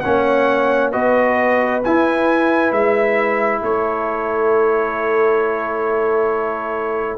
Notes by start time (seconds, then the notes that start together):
0.00 A#3 C#4 C#5 F#5
0.91 B3 F#4 B4 D#5
1.83 E4 G#5
2.71 G#3 E5
3.61 A3 A4 C#5